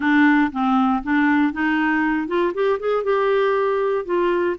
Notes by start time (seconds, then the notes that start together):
0.00 D4
0.52 C4
1.03 D4
1.52 D#4
2.27 F4
2.54 G4
2.79 G#4
3.03 G4
4.05 F4